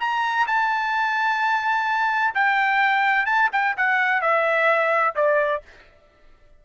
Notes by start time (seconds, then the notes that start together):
0.00 A#5
0.47 A5
2.35 G5
3.26 A5
3.52 G5
3.77 F#5
4.22 E5
5.16 D5